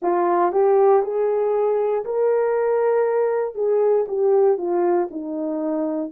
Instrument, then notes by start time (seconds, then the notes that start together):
horn
0.01 F4
0.52 G4
1.02 G#4
2.04 A#4
3.55 G#4
4.08 G4
4.57 F4
5.10 D#4